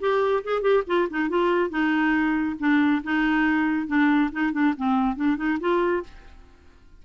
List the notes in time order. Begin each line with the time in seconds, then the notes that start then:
0.00 G4
0.44 G#4
0.62 G4
0.87 F4
1.10 D#4
1.29 F4
1.70 D#4
2.59 D4
3.04 D#4
3.87 D4
4.32 D#4
4.53 D4
4.77 C4
5.16 D4
5.37 D#4
5.60 F4